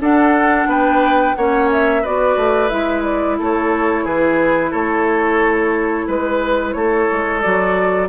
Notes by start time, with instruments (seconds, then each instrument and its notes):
0.00 bassoon D4, clarinet D4, oboe A4, flute F#5
0.66 bassoon B3, oboe B4, flute G5
1.35 bassoon A#3, clarinet C#4, oboe C#5, flute F#5
1.72 flute E5
2.02 bassoon B3, clarinet F#4, oboe B4, flute D5
2.36 bassoon A3
2.68 bassoon G#3, clarinet E4, flute E5
3.03 flute D5
3.38 bassoon A3, oboe A4, flute C#5
4.04 bassoon E3, oboe G#4, flute B4
4.70 bassoon A3, oboe A4, flute C#5
6.07 bassoon G#3, oboe B4, flute B4
6.72 bassoon A3, oboe A4, flute C#5
7.12 bassoon G#3
7.41 bassoon F#3, clarinet F#4, flute D5